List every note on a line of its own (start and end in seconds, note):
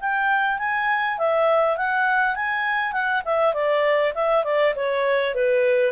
0.00 0.59 G5
0.59 1.18 G#5
1.18 1.77 E5
1.77 2.35 F#5
2.35 2.92 G#5
2.92 3.22 F#5
3.25 3.54 E5
3.54 4.13 D5
4.14 4.44 E5
4.44 4.74 D5
4.75 5.34 C#5
5.34 5.92 B4